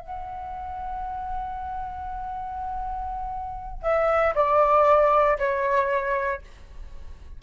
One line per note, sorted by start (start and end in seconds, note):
0.00 3.83 F#5
3.83 4.34 E5
4.36 5.38 D5
5.39 6.42 C#5